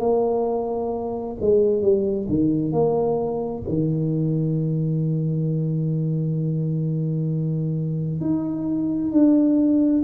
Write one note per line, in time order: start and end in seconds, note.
0.00 1.36 A#3
1.41 1.82 G#3
1.82 2.28 G3
2.29 2.73 D#3
2.73 3.64 A#3
3.69 8.21 D#3
8.21 9.12 D#4
9.12 10.02 D4